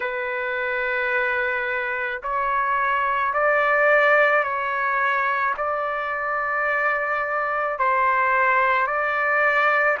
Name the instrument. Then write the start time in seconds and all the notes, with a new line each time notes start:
trumpet
0.00 B4
2.22 C#5
3.33 D5
4.43 C#5
5.57 D5
7.78 C5
8.86 D5